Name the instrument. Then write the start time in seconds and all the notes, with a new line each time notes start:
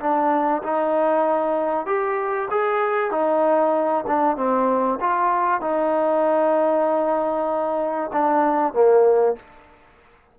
trombone
0.00 D4
0.62 D#4
1.86 G4
2.51 G#4
3.11 D#4
4.07 D4
4.37 C4
5.00 F4
5.61 D#4
8.13 D4
8.73 A#3